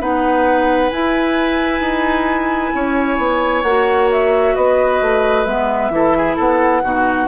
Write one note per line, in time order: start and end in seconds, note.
0.00 0.91 B3
0.00 0.91 D#4
0.00 2.73 B4
0.00 0.90 F#5
0.90 3.64 E4
0.90 1.80 E4
0.90 3.62 G#5
1.80 2.71 D#4
2.74 3.18 C#4
2.74 4.55 C#5
3.18 3.63 B3
3.63 4.54 A#3
3.63 5.46 F#4
3.63 4.08 F#5
4.12 4.55 E5
4.55 5.01 B3
4.55 5.92 B4
4.55 5.45 D#5
5.01 5.45 A3
5.45 5.90 G#3
5.45 5.91 B3
5.45 6.36 E5
5.90 6.35 E3
5.90 6.82 E4
5.90 6.17 A4
6.17 6.36 G#4
6.36 6.83 B3
6.36 6.81 A4
6.36 7.27 F#5
6.83 7.27 B2
6.83 7.27 D#4
6.83 7.27 F#4